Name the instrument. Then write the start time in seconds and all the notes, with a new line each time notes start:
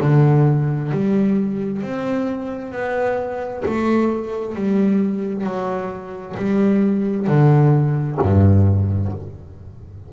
double bass
0.00 D3
0.91 G3
1.82 C4
2.72 B3
3.65 A3
4.55 G3
5.44 F#3
6.36 G3
7.27 D3
8.21 G2